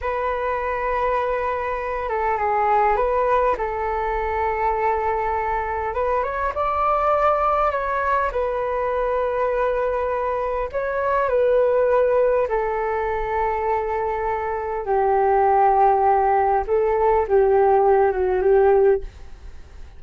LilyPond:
\new Staff \with { instrumentName = "flute" } { \time 4/4 \tempo 4 = 101 b'2.~ b'8 a'8 | gis'4 b'4 a'2~ | a'2 b'8 cis''8 d''4~ | d''4 cis''4 b'2~ |
b'2 cis''4 b'4~ | b'4 a'2.~ | a'4 g'2. | a'4 g'4. fis'8 g'4 | }